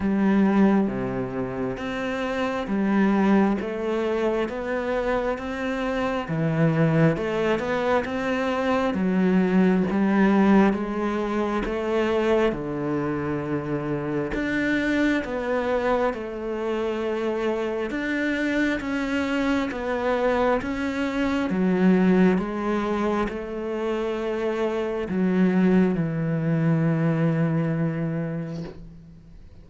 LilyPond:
\new Staff \with { instrumentName = "cello" } { \time 4/4 \tempo 4 = 67 g4 c4 c'4 g4 | a4 b4 c'4 e4 | a8 b8 c'4 fis4 g4 | gis4 a4 d2 |
d'4 b4 a2 | d'4 cis'4 b4 cis'4 | fis4 gis4 a2 | fis4 e2. | }